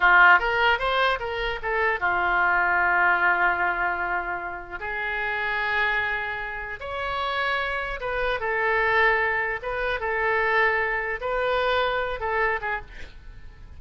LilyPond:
\new Staff \with { instrumentName = "oboe" } { \time 4/4 \tempo 4 = 150 f'4 ais'4 c''4 ais'4 | a'4 f'2.~ | f'1 | gis'1~ |
gis'4 cis''2. | b'4 a'2. | b'4 a'2. | b'2~ b'8 a'4 gis'8 | }